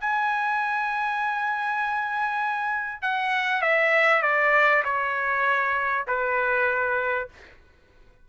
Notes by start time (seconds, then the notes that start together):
0.00 G#5
3.02 F#5
3.61 E5
4.22 D5
4.84 C#5
6.07 B4